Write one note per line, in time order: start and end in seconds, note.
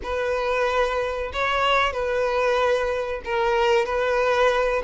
0.03 1.32 B4
1.32 1.92 C#5
1.92 3.21 B4
3.24 3.85 A#4
3.85 4.82 B4